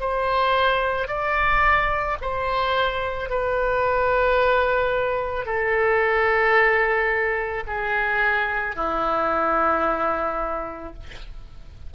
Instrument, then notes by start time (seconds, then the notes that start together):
oboe
0.00 C5
1.08 D5
2.21 C5
3.30 B4
5.45 A4
7.67 G#4
8.76 E4